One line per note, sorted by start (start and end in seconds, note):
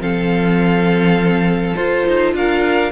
0.00 1.75 F3
0.00 1.75 C4
0.00 2.35 A4
0.00 1.76 F5
1.75 2.92 F4
1.75 2.06 F4
1.75 2.34 C5
2.07 2.33 D#4
2.33 2.92 D4
2.33 2.92 A#4
2.33 2.92 F5